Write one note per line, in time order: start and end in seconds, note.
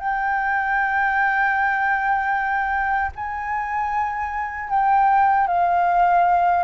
0.00 3.12 G5
3.16 4.70 G#5
4.70 5.47 G5
5.47 6.64 F5